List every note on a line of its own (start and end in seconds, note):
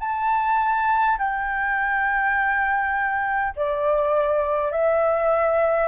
0.00 1.18 A5
1.19 3.54 G5
3.56 4.72 D5
4.72 5.88 E5